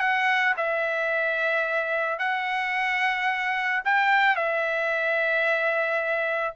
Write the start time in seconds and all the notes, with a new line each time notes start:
0.00 F#5
0.57 E5
2.19 F#5
3.85 G5
4.36 E5